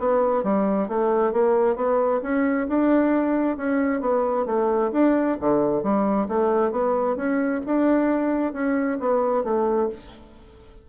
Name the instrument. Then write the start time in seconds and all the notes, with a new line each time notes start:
bassoon
0.00 B3
0.44 G3
0.89 A3
1.33 A#3
1.76 B3
2.23 C#4
2.69 D4
3.57 C#4
4.01 B3
4.46 A3
4.93 D4
5.41 D3
5.83 G3
6.28 A3
6.72 B3
7.16 C#4
7.66 D4
8.53 C#4
9.00 B3
9.44 A3